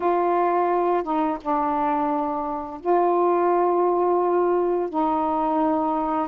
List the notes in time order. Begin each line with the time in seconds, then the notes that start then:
0.00 F4
1.03 D#4
1.41 D4
2.80 F4
4.89 D#4